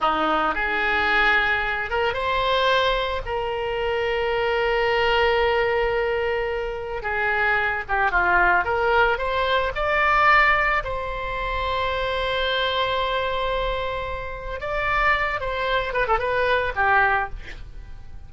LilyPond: \new Staff \with { instrumentName = "oboe" } { \time 4/4 \tempo 4 = 111 dis'4 gis'2~ gis'8 ais'8 | c''2 ais'2~ | ais'1~ | ais'4 gis'4. g'8 f'4 |
ais'4 c''4 d''2 | c''1~ | c''2. d''4~ | d''8 c''4 b'16 a'16 b'4 g'4 | }